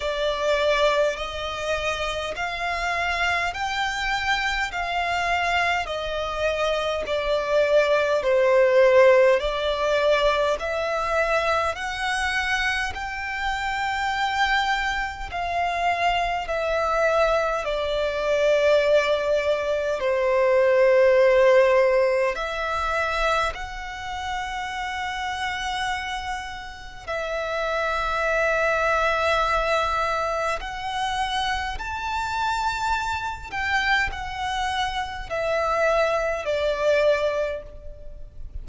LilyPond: \new Staff \with { instrumentName = "violin" } { \time 4/4 \tempo 4 = 51 d''4 dis''4 f''4 g''4 | f''4 dis''4 d''4 c''4 | d''4 e''4 fis''4 g''4~ | g''4 f''4 e''4 d''4~ |
d''4 c''2 e''4 | fis''2. e''4~ | e''2 fis''4 a''4~ | a''8 g''8 fis''4 e''4 d''4 | }